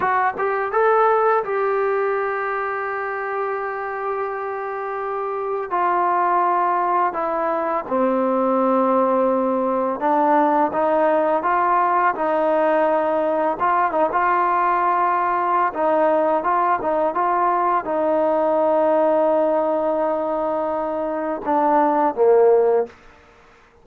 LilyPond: \new Staff \with { instrumentName = "trombone" } { \time 4/4 \tempo 4 = 84 fis'8 g'8 a'4 g'2~ | g'1 | f'2 e'4 c'4~ | c'2 d'4 dis'4 |
f'4 dis'2 f'8 dis'16 f'16~ | f'2 dis'4 f'8 dis'8 | f'4 dis'2.~ | dis'2 d'4 ais4 | }